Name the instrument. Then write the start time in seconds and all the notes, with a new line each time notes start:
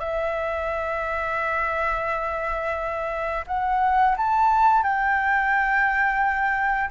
flute
0.00 E5
3.48 F#5
4.18 A5
4.83 G5